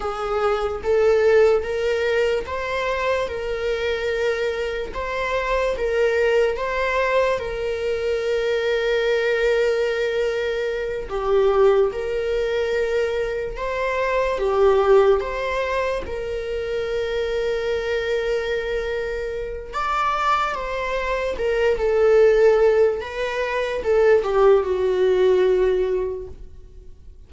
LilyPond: \new Staff \with { instrumentName = "viola" } { \time 4/4 \tempo 4 = 73 gis'4 a'4 ais'4 c''4 | ais'2 c''4 ais'4 | c''4 ais'2.~ | ais'4. g'4 ais'4.~ |
ais'8 c''4 g'4 c''4 ais'8~ | ais'1 | d''4 c''4 ais'8 a'4. | b'4 a'8 g'8 fis'2 | }